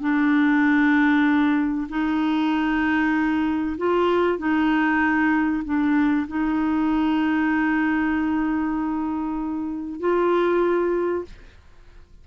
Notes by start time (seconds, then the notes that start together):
0.00 D4
1.89 D#4
3.78 F4
4.38 D#4
5.64 D4
6.28 D#4
10.00 F4